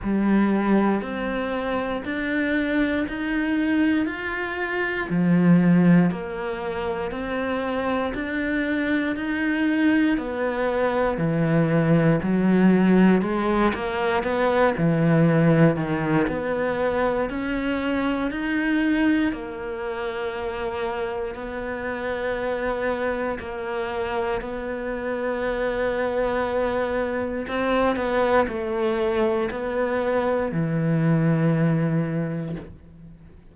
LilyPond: \new Staff \with { instrumentName = "cello" } { \time 4/4 \tempo 4 = 59 g4 c'4 d'4 dis'4 | f'4 f4 ais4 c'4 | d'4 dis'4 b4 e4 | fis4 gis8 ais8 b8 e4 dis8 |
b4 cis'4 dis'4 ais4~ | ais4 b2 ais4 | b2. c'8 b8 | a4 b4 e2 | }